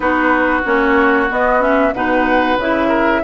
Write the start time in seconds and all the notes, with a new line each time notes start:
0.00 B3 D#4 F#4 B4
0.64 A#3 C#4 C#5
1.29 B3 D#5
1.59 C#4 E5
1.93 B2 D#4 B4 F#5
2.57 C#3 E4 E5
2.88 A#4